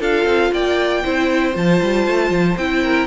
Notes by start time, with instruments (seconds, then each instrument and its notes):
0.00 cello D4, viola F4, violin A4 F5
0.25 cello C4
0.52 cello A#3, violin D5 G5
1.04 cello C4, viola E4, violin C5
1.53 cello F3, viola F4, violin A5
1.82 cello G3
2.08 cello A3
2.30 cello F3
2.57 cello C4, viola E4, violin G5
2.83 violin A#4